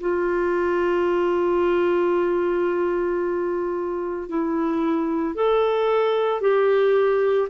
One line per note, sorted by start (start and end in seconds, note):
0.00 4.29 F4
4.29 5.35 E4
5.35 6.41 A4
6.41 7.48 G4